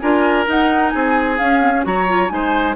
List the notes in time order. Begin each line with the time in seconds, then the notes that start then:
0.00 D4 F4 A#4 G#5
0.46 D#4 F#5
0.89 C4 G#4 G#5
1.38 C#4 F5
1.61 C4
1.75 C#4
1.84 F#3 F#4 C#5 A#5
2.08 F4
2.29 G#3 D#4 C5 G#5